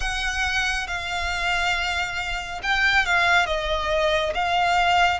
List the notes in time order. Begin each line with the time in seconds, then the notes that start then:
0.00 F#5
0.87 F5
2.62 G5
3.05 F5
3.46 D#5
4.34 F5